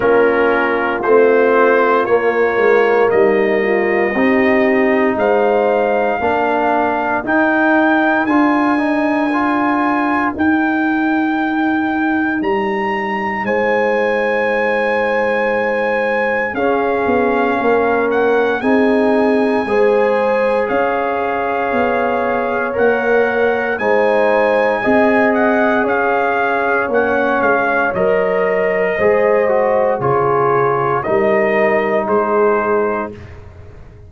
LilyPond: <<
  \new Staff \with { instrumentName = "trumpet" } { \time 4/4 \tempo 4 = 58 ais'4 c''4 cis''4 dis''4~ | dis''4 f''2 g''4 | gis''2 g''2 | ais''4 gis''2. |
f''4. fis''8 gis''2 | f''2 fis''4 gis''4~ | gis''8 fis''8 f''4 fis''8 f''8 dis''4~ | dis''4 cis''4 dis''4 c''4 | }
  \new Staff \with { instrumentName = "horn" } { \time 4/4 f'2. dis'8 f'8 | g'4 c''4 ais'2~ | ais'1~ | ais'4 c''2. |
gis'4 ais'4 gis'4 c''4 | cis''2. c''4 | dis''4 cis''2. | c''4 gis'4 ais'4 gis'4 | }
  \new Staff \with { instrumentName = "trombone" } { \time 4/4 cis'4 c'4 ais2 | dis'2 d'4 dis'4 | f'8 dis'8 f'4 dis'2~ | dis'1 |
cis'2 dis'4 gis'4~ | gis'2 ais'4 dis'4 | gis'2 cis'4 ais'4 | gis'8 fis'8 f'4 dis'2 | }
  \new Staff \with { instrumentName = "tuba" } { \time 4/4 ais4 a4 ais8 gis8 g4 | c'4 gis4 ais4 dis'4 | d'2 dis'2 | g4 gis2. |
cis'8 b8 ais4 c'4 gis4 | cis'4 b4 ais4 gis4 | c'4 cis'4 ais8 gis8 fis4 | gis4 cis4 g4 gis4 | }
>>